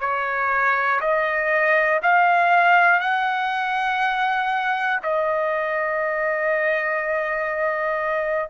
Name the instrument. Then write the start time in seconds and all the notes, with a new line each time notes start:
trumpet
0.00 C#5
1.01 D#5
2.02 F5
3.00 F#5
5.02 D#5